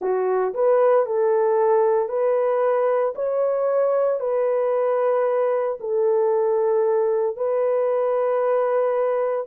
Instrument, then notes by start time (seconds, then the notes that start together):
horn
0.00 F#4
0.54 B4
1.05 A4
2.08 B4
3.15 C#5
4.20 B4
5.79 A4
7.36 B4